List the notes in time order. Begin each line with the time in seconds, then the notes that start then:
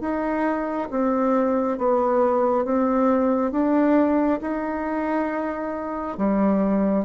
0.00 D#4
0.90 C4
1.78 B3
2.65 C4
3.51 D4
4.41 D#4
6.18 G3